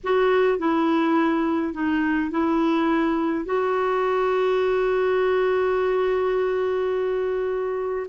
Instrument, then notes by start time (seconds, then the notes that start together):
clarinet
0.03 F#4
0.58 E4
1.73 D#4
2.31 E4
3.45 F#4